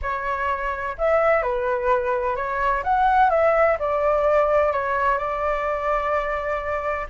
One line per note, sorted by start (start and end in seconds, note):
0.02 0.96 C#5
0.98 1.42 E5
1.42 2.35 B4
2.35 2.83 C#5
2.83 3.29 F#5
3.29 3.77 E5
3.79 4.72 D5
4.72 5.18 C#5
5.18 7.07 D5